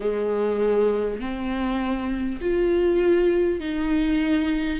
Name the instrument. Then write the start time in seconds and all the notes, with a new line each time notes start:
viola
0.00 G#3
1.19 C4
2.41 F4
3.60 D#4